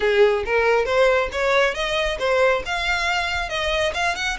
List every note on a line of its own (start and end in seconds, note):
0.00 0.44 G#4
0.45 0.85 A#4
0.85 1.29 C5
1.32 1.74 C#5
1.74 2.18 D#5
2.18 2.62 C5
2.65 3.49 F5
3.49 3.92 D#5
3.94 4.15 F5
4.15 4.37 F#5